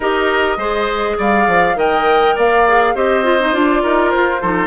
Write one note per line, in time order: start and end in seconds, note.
0.00 0.57 D#4
0.00 0.59 G4
0.00 0.57 A#4
0.00 1.18 D#5
0.57 1.16 G#3
0.57 1.75 G#4
0.57 1.16 C5
1.18 1.47 G3
1.18 1.76 D5
1.18 1.78 F5
1.47 1.75 F3
1.75 2.34 D#3
1.75 2.63 A#4
1.75 2.35 D#5
1.75 2.37 G5
2.35 2.95 A#3
2.35 2.94 D5
2.35 2.96 F5
2.67 2.95 G#4
2.94 3.54 C4
2.94 3.23 G4
2.94 3.82 C5
2.94 3.54 D#5
3.23 3.38 F4
3.40 3.52 D#4
3.52 3.83 D4
3.52 4.41 F4
3.52 4.10 D5
3.82 4.13 D#4
3.82 4.41 A#4
4.10 4.42 F4
4.10 4.67 C5
4.41 4.67 F3
4.41 4.67 D#4
4.41 4.67 A4